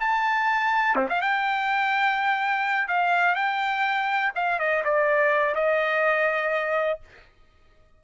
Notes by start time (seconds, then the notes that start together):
0.00 A5
0.95 C4
1.09 F5
1.21 G5
2.88 F5
3.35 G5
4.35 F5
4.59 D#5
4.84 D5
5.55 D#5